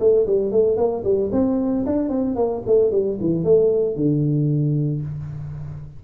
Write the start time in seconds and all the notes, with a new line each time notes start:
0.00 A3
0.27 G3
0.52 A3
0.77 A#3
1.04 G3
1.33 C4
1.87 D4
2.10 C4
2.36 A#3
2.67 A3
2.92 G3
3.21 E3
3.44 A3
3.96 D3